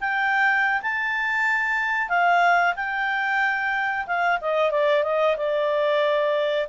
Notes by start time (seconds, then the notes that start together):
0.00 G5
0.82 A5
2.09 F5
2.76 G5
4.06 F5
4.41 D#5
4.71 D5
5.03 D#5
5.37 D5